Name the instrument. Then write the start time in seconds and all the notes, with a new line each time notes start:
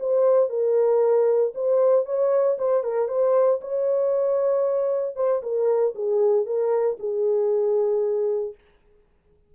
horn
0.00 C5
0.50 A#4
1.54 C5
2.06 C#5
2.58 C5
2.84 A#4
3.08 C5
3.61 C#5
5.16 C5
5.43 A#4
5.95 G#4
6.46 A#4
6.99 G#4